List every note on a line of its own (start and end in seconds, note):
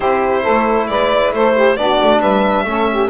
0.00 0.45 C4
0.00 1.78 E4
0.00 0.42 G4
0.00 0.87 C5
0.42 0.88 A3
0.42 0.86 A4
0.87 1.32 G#3
0.87 1.35 B4
0.87 1.31 D5
1.32 1.77 A3
1.32 1.55 A4
1.32 1.76 C5
1.55 1.77 G4
1.76 1.99 B3
1.76 2.66 D4
1.76 2.20 F#4
1.76 2.21 D5
2.02 2.20 A3
2.20 2.64 G3
2.20 2.65 B4
2.20 3.10 E5
2.64 3.08 A3
2.64 3.10 C#4
2.64 2.90 A4
2.90 3.10 G4